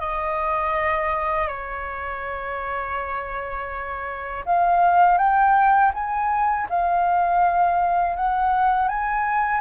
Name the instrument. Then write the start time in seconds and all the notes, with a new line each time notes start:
flute
0.00 D#5
1.48 C#5
4.45 F5
5.18 G5
5.94 G#5
6.70 F5
8.16 F#5
8.89 G#5